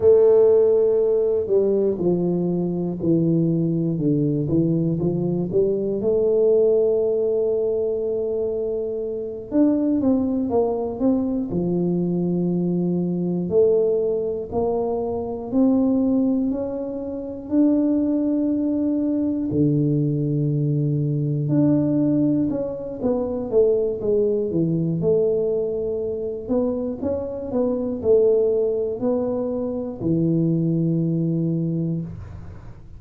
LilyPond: \new Staff \with { instrumentName = "tuba" } { \time 4/4 \tempo 4 = 60 a4. g8 f4 e4 | d8 e8 f8 g8 a2~ | a4. d'8 c'8 ais8 c'8 f8~ | f4. a4 ais4 c'8~ |
c'8 cis'4 d'2 d8~ | d4. d'4 cis'8 b8 a8 | gis8 e8 a4. b8 cis'8 b8 | a4 b4 e2 | }